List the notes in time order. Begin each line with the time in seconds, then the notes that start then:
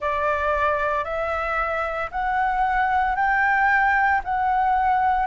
0.00 D5
1.04 E5
2.11 F#5
3.15 G5
4.23 F#5